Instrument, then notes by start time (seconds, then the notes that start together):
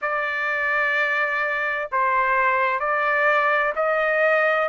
trumpet
0.01 D5
1.91 C5
2.79 D5
3.75 D#5